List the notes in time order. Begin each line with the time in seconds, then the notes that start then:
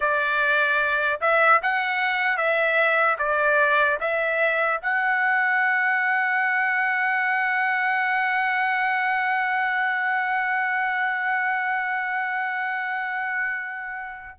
0.00 D5
1.20 E5
1.62 F#5
2.37 E5
3.18 D5
4.00 E5
4.81 F#5